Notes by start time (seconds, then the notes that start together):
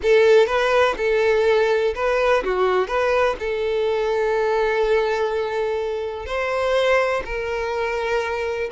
0.02 A4
0.46 B4
0.97 A4
1.95 B4
2.44 F#4
2.87 B4
3.39 A4
6.26 C5
7.25 A#4